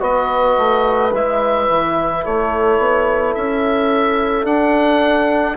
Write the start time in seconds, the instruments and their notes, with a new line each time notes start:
0.00 bassoon B3, trombone F#4, horn B4, oboe D#5
0.58 bassoon A3
1.13 bassoon G#3, trombone E4, oboe E5
1.69 bassoon E3
2.24 bassoon A3, horn A4, oboe C#5
2.78 bassoon B3
3.34 bassoon C#4, oboe E5
4.44 trombone D4, bassoon D4, oboe F#5